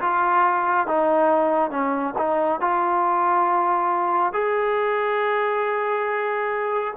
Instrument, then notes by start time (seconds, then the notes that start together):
trombone
0.00 F4
0.87 D#4
1.70 C#4
2.17 D#4
2.60 F4
4.33 G#4